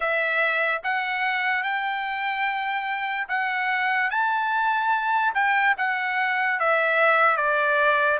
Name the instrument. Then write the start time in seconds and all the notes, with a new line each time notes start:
trumpet
0.00 E5
0.83 F#5
1.63 G5
3.28 F#5
4.10 A5
5.34 G5
5.77 F#5
6.59 E5
7.36 D5